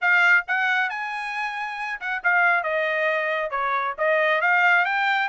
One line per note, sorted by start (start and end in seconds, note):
0.01 0.45 F5
0.47 0.89 F#5
0.89 2.00 G#5
2.00 2.22 F#5
2.23 2.63 F5
2.63 3.50 D#5
3.50 3.94 C#5
3.98 4.41 D#5
4.41 4.85 F5
4.85 5.28 G5